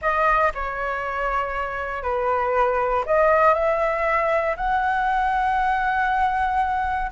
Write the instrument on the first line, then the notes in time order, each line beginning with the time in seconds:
flute
0.01 D#5
0.54 C#5
2.02 B4
3.06 D#5
3.54 E5
4.56 F#5